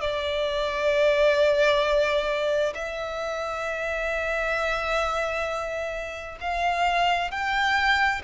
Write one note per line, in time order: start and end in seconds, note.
0.00 2.73 D5
2.74 6.38 E5
6.40 7.31 F5
7.31 8.21 G5